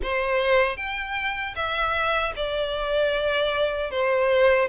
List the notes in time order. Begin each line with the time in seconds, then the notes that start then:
0.02 C5
0.77 G5
1.55 E5
2.36 D5
3.90 C5